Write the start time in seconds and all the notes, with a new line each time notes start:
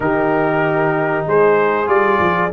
0.00 D#3 D#4 G4 A#4
1.26 G#3 G#4 C5
1.86 G3 F4 D5
2.19 F3